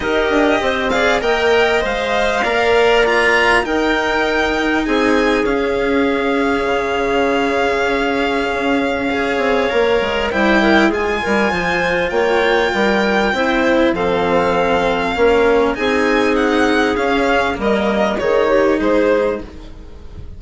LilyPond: <<
  \new Staff \with { instrumentName = "violin" } { \time 4/4 \tempo 4 = 99 dis''4. f''8 g''4 f''4~ | f''4 ais''4 g''2 | gis''4 f''2.~ | f''1~ |
f''4 g''4 gis''2 | g''2. f''4~ | f''2 gis''4 fis''4 | f''4 dis''4 cis''4 c''4 | }
  \new Staff \with { instrumentName = "clarinet" } { \time 4/4 ais'4 c''8 d''8 dis''2 | d''2 ais'2 | gis'1~ | gis'2. cis''4~ |
cis''4 c''8 ais'8 gis'8 ais'8 c''4 | cis''4 ais'4 c''4 a'4~ | a'4 ais'4 gis'2~ | gis'4 ais'4 gis'8 g'8 gis'4 | }
  \new Staff \with { instrumentName = "cello" } { \time 4/4 g'4. gis'8 ais'4 c''4 | ais'4 f'4 dis'2~ | dis'4 cis'2.~ | cis'2. gis'4 |
ais'4 e'4 f'2~ | f'2 e'4 c'4~ | c'4 cis'4 dis'2 | cis'4 ais4 dis'2 | }
  \new Staff \with { instrumentName = "bassoon" } { \time 4/4 dis'8 d'8 c'4 ais4 gis4 | ais2 dis'2 | c'4 cis'2 cis4~ | cis2 cis'4. c'8 |
ais8 gis8 g4 gis8 g8 f4 | ais4 g4 c'4 f4~ | f4 ais4 c'2 | cis'4 g4 dis4 gis4 | }
>>